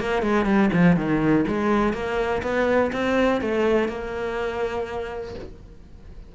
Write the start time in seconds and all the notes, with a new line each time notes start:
0.00 A#3
0.22 G#3
0.45 G3
0.73 F3
0.96 D#3
1.47 G#3
1.93 A#3
2.42 B3
2.92 C4
3.41 A3
3.88 A#3